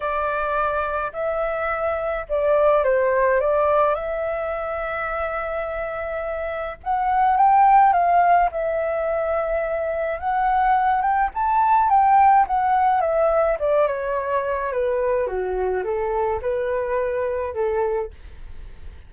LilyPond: \new Staff \with { instrumentName = "flute" } { \time 4/4 \tempo 4 = 106 d''2 e''2 | d''4 c''4 d''4 e''4~ | e''1 | fis''4 g''4 f''4 e''4~ |
e''2 fis''4. g''8 | a''4 g''4 fis''4 e''4 | d''8 cis''4. b'4 fis'4 | a'4 b'2 a'4 | }